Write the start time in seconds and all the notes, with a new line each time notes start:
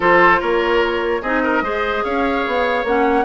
0.00 F3 F4 A4 C5
0.39 A#3 A#4 C#5
1.22 C4 D#4 G#4 D#5
1.43 A#4
1.61 G#3 G#4 C5
2.04 C#4 C#5 F5
2.46 B3
2.84 A#3 C#4 F#5